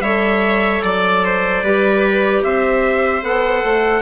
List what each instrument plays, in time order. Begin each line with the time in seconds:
0.00 bassoon G3, clarinet A4, viola C#5, trumpet E5
0.82 bassoon F#3, trumpet D5, viola D5
1.25 viola C5
1.62 bassoon G3, clarinet G4, viola B4
2.44 bassoon C4, viola C5, trumpet E5
3.22 bassoon B3, clarinet A4, trumpet F#5
3.64 bassoon A3